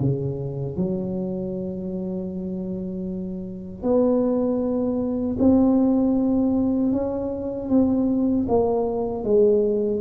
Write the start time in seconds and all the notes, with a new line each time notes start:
0.00 C#3
0.77 F#3
3.83 B3
5.39 C4
6.93 C#4
7.69 C4
8.49 A#3
9.24 G#3